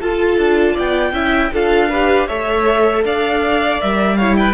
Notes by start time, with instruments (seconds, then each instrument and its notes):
0.00 viola F4, cello F4, violin A4 A5
0.37 cello D4
0.73 cello B3, violin D5 G5
1.12 cello C#4, viola E4, violin E5
1.53 cello D4, viola F4, violin A4 F5
1.89 viola G4, violin B4
2.27 cello A3, viola A4, violin C#5 E5
3.04 cello D4, violin D5 F5
3.80 cello G3, viola A#4, violin E5
4.16 viola E4, violin C#5 F5
4.37 violin B4 G5